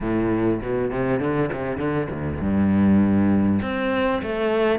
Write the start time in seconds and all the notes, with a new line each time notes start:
0.00 A2
0.61 B2
0.90 C3
1.20 D3
1.52 C3
1.77 D3
2.10 D2
2.40 G2
3.62 C4
4.22 A3